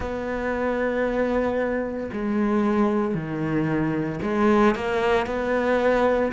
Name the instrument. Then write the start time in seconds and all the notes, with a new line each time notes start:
cello
0.00 B3
2.12 G#3
3.14 D#3
4.22 G#3
4.75 A#3
5.26 B3